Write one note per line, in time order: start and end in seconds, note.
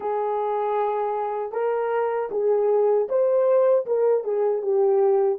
0.00 1.52 G#4
1.52 2.29 A#4
2.31 3.08 G#4
3.08 3.85 C5
3.86 4.24 A#4
4.24 4.62 G#4
4.62 5.38 G4